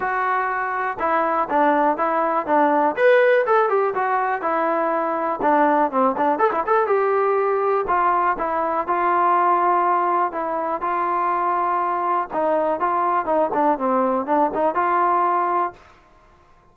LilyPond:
\new Staff \with { instrumentName = "trombone" } { \time 4/4 \tempo 4 = 122 fis'2 e'4 d'4 | e'4 d'4 b'4 a'8 g'8 | fis'4 e'2 d'4 | c'8 d'8 a'16 e'16 a'8 g'2 |
f'4 e'4 f'2~ | f'4 e'4 f'2~ | f'4 dis'4 f'4 dis'8 d'8 | c'4 d'8 dis'8 f'2 | }